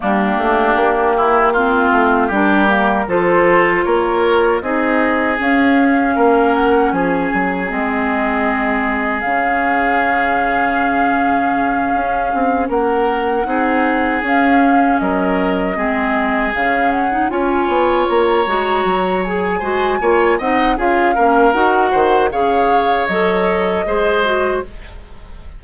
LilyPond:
<<
  \new Staff \with { instrumentName = "flute" } { \time 4/4 \tempo 4 = 78 g'2 f'4 ais'4 | c''4 cis''4 dis''4 f''4~ | f''8 fis''8 gis''4 dis''2 | f''1~ |
f''8 fis''2 f''4 dis''8~ | dis''4. f''8 fis''8 gis''4 ais''8~ | ais''4 gis''4. fis''8 f''4 | fis''4 f''4 dis''2 | }
  \new Staff \with { instrumentName = "oboe" } { \time 4/4 d'4. e'8 f'4 g'4 | a'4 ais'4 gis'2 | ais'4 gis'2.~ | gis'1~ |
gis'8 ais'4 gis'2 ais'8~ | ais'8 gis'2 cis''4.~ | cis''4. c''8 cis''8 dis''8 gis'8 ais'8~ | ais'8 c''8 cis''2 c''4 | }
  \new Staff \with { instrumentName = "clarinet" } { \time 4/4 ais2 c'4 d'8 ais8 | f'2 dis'4 cis'4~ | cis'2 c'2 | cis'1~ |
cis'4. dis'4 cis'4.~ | cis'8 c'4 cis'8. dis'16 f'4. | fis'4 gis'8 fis'8 f'8 dis'8 f'8 cis'8 | fis'4 gis'4 a'4 gis'8 fis'8 | }
  \new Staff \with { instrumentName = "bassoon" } { \time 4/4 g8 a8 ais4. a8 g4 | f4 ais4 c'4 cis'4 | ais4 f8 fis8 gis2 | cis2.~ cis8 cis'8 |
c'8 ais4 c'4 cis'4 fis8~ | fis8 gis4 cis4 cis'8 b8 ais8 | gis8 fis4 gis8 ais8 c'8 cis'8 ais8 | dis'8 dis8 cis4 fis4 gis4 | }
>>